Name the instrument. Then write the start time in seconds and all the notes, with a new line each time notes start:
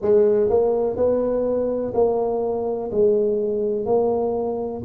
tuba
0.01 G#3
0.49 A#3
0.96 B3
1.94 A#3
2.91 G#3
3.85 A#3